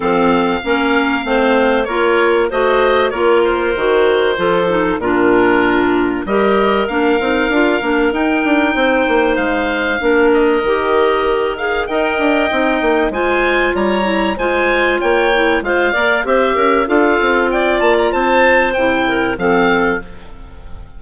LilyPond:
<<
  \new Staff \with { instrumentName = "oboe" } { \time 4/4 \tempo 4 = 96 f''2. cis''4 | dis''4 cis''8 c''2~ c''8 | ais'2 dis''4 f''4~ | f''4 g''2 f''4~ |
f''8 dis''2 f''8 g''4~ | g''4 gis''4 ais''4 gis''4 | g''4 f''4 e''4 f''4 | g''8 a''16 ais''16 a''4 g''4 f''4 | }
  \new Staff \with { instrumentName = "clarinet" } { \time 4/4 a'4 ais'4 c''4 ais'4 | c''4 ais'2 a'4 | f'2 ais'2~ | ais'2 c''2 |
ais'2. dis''4~ | dis''4 c''4 cis''4 c''4 | cis''4 c''8 d''8 c''8 ais'8 a'4 | d''4 c''4. ais'8 a'4 | }
  \new Staff \with { instrumentName = "clarinet" } { \time 4/4 c'4 cis'4 c'4 f'4 | fis'4 f'4 fis'4 f'8 dis'8 | d'2 g'4 d'8 dis'8 | f'8 d'8 dis'2. |
d'4 g'4. gis'8 ais'4 | dis'4 f'4. e'8 f'4~ | f'8 e'8 f'8 ais'8 g'4 f'4~ | f'2 e'4 c'4 | }
  \new Staff \with { instrumentName = "bassoon" } { \time 4/4 f4 ais4 a4 ais4 | a4 ais4 dis4 f4 | ais,2 g4 ais8 c'8 | d'8 ais8 dis'8 d'8 c'8 ais8 gis4 |
ais4 dis2 dis'8 d'8 | c'8 ais8 gis4 g4 gis4 | ais4 gis8 ais8 c'8 cis'8 d'8 c'8~ | c'8 ais8 c'4 c4 f4 | }
>>